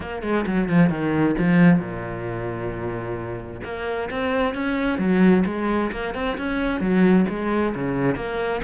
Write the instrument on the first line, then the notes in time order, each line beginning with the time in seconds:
cello
0.00 A#3
0.22 G#3
0.46 F#3
0.68 F3
0.89 D#3
1.38 F3
1.79 A#2
3.64 A#3
4.10 C4
4.54 C#4
4.98 F#3
5.45 G#3
5.91 A#3
6.14 C4
6.37 C#4
6.80 F#3
7.29 G#3
7.75 C#3
8.15 A#3